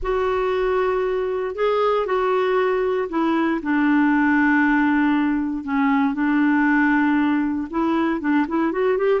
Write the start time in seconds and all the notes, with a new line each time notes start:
0.02 F#4
1.55 G#4
2.06 F#4
3.09 E4
3.62 D4
5.64 C#4
6.14 D4
7.70 E4
8.20 D4
8.48 E4
8.72 F#4
8.97 G4